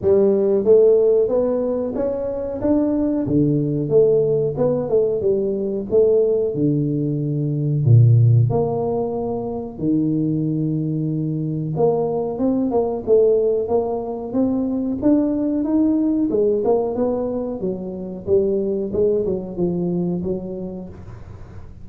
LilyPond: \new Staff \with { instrumentName = "tuba" } { \time 4/4 \tempo 4 = 92 g4 a4 b4 cis'4 | d'4 d4 a4 b8 a8 | g4 a4 d2 | ais,4 ais2 dis4~ |
dis2 ais4 c'8 ais8 | a4 ais4 c'4 d'4 | dis'4 gis8 ais8 b4 fis4 | g4 gis8 fis8 f4 fis4 | }